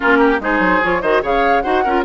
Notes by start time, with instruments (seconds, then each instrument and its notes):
0.00 bassoon A#3, clarinet C#4, oboe F4, flute A#4
0.19 oboe G4
0.39 bassoon G#3, clarinet D#4, oboe G#4, flute C5
0.59 bassoon F#3
0.82 bassoon F3, clarinet F4, flute C#5
1.02 bassoon D#3, clarinet F#4, oboe C5, flute D#5
1.22 bassoon C#3, clarinet G#4, oboe C#5, flute F5
1.61 bassoon D#4, clarinet F#4, oboe C5, flute F#5
1.83 bassoon C#4, clarinet F4, oboe A#4